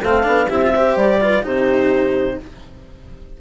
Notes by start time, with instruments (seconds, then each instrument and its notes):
0.00 bassoon A3, cello C4, horn A4, clarinet F5
0.23 bassoon B3, cello D4
0.47 bassoon C4, cello E4, horn G4, clarinet E5
0.62 cello F4
0.74 cello G4, horn C5
0.96 bassoon G3, clarinet D5
1.21 cello F4, horn B4
1.42 bassoon C3, cello D#4, horn G4, clarinet C5